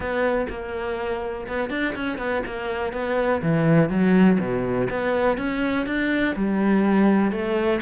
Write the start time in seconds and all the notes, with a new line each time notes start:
0.00 B3
0.49 A#3
1.47 B3
1.69 D4
1.95 C#4
2.18 B3
2.46 A#3
2.92 B3
3.42 E3
3.89 F#3
4.39 B2
4.89 B3
5.37 C#4
5.86 D4
6.35 G3
7.31 A3